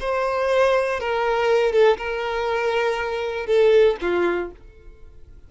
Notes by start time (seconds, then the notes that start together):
0.00 C5
1.00 A#4
1.72 A4
1.97 A#4
3.46 A4
4.01 F4